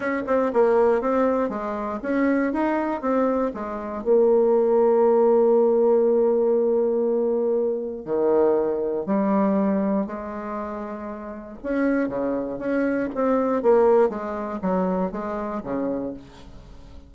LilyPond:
\new Staff \with { instrumentName = "bassoon" } { \time 4/4 \tempo 4 = 119 cis'8 c'8 ais4 c'4 gis4 | cis'4 dis'4 c'4 gis4 | ais1~ | ais1 |
dis2 g2 | gis2. cis'4 | cis4 cis'4 c'4 ais4 | gis4 fis4 gis4 cis4 | }